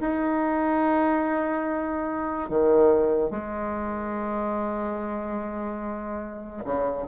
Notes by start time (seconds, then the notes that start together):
0.00 D#4
2.49 D#3
3.30 G#3
6.64 C#3